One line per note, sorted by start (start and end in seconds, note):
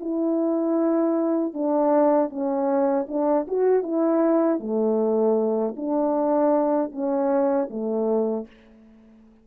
0.00 1.53 E4
1.53 2.29 D4
2.29 3.06 C#4
3.08 3.47 D4
3.48 3.83 F#4
3.83 4.59 E4
4.59 5.75 A3
5.76 6.91 D4
6.91 7.68 C#4
7.70 8.47 A3